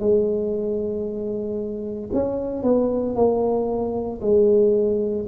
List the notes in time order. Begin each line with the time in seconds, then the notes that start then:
0.00 G#3
2.13 C#4
2.63 B3
3.16 A#3
4.22 G#3